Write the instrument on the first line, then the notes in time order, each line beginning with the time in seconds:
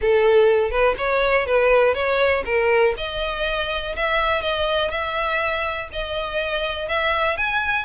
violin
0.01 A4
0.70 B4
0.97 C#5
1.46 B4
1.94 C#5
2.45 A#4
2.97 D#5
3.96 E5
4.42 D#5
4.90 E5
5.92 D#5
6.88 E5
7.37 G#5